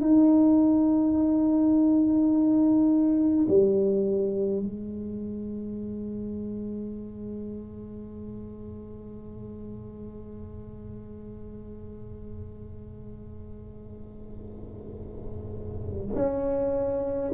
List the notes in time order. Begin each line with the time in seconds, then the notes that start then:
0.00 D#4
3.48 G3
4.63 G#3
16.15 C#4